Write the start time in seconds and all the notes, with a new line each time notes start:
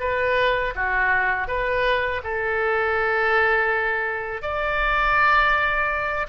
0.00 B4
0.75 F#4
1.48 B4
2.24 A4
4.42 D5